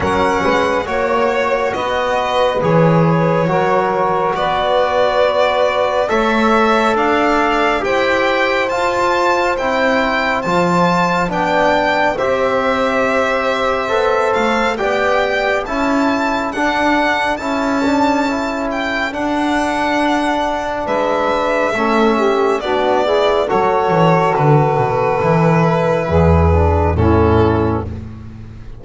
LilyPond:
<<
  \new Staff \with { instrumentName = "violin" } { \time 4/4 \tempo 4 = 69 fis''4 cis''4 dis''4 cis''4~ | cis''4 d''2 e''4 | f''4 g''4 a''4 g''4 | a''4 g''4 e''2~ |
e''8 f''8 g''4 a''4 fis''4 | a''4. g''8 fis''2 | e''2 d''4 cis''4 | b'2. a'4 | }
  \new Staff \with { instrumentName = "saxophone" } { \time 4/4 ais'8 b'8 cis''4 b'2 | ais'4 b'2 cis''4 | d''4 c''2.~ | c''4 d''4 c''2~ |
c''4 d''4 a'2~ | a'1 | b'4 a'8 g'8 fis'8 gis'8 a'4~ | a'2 gis'4 e'4 | }
  \new Staff \with { instrumentName = "trombone" } { \time 4/4 cis'4 fis'2 gis'4 | fis'2. a'4~ | a'4 g'4 f'4 e'4 | f'4 d'4 g'2 |
a'4 g'4 e'4 d'4 | e'8 d'8 e'4 d'2~ | d'4 cis'4 d'8 e'8 fis'4~ | fis'4 e'4. d'8 cis'4 | }
  \new Staff \with { instrumentName = "double bass" } { \time 4/4 fis8 gis8 ais4 b4 e4 | fis4 b2 a4 | d'4 e'4 f'4 c'4 | f4 b4 c'2 |
b8 a8 b4 cis'4 d'4 | cis'2 d'2 | gis4 a4 b4 fis8 e8 | d8 b,8 e4 e,4 a,4 | }
>>